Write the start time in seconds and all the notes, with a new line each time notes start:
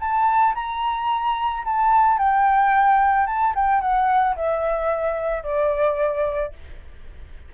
0.00 A5
0.55 A#5
1.65 A5
2.18 G5
3.27 A5
3.55 G5
3.81 F#5
4.36 E5
5.44 D5